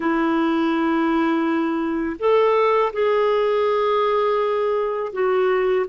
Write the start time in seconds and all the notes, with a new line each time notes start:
0.00 E4
2.19 A4
2.93 G#4
5.13 F#4